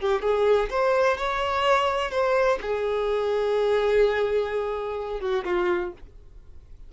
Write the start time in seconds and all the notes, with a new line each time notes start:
0.00 G4
0.22 G#4
0.70 C5
1.17 C#5
2.11 C5
2.61 G#4
5.20 F#4
5.45 F4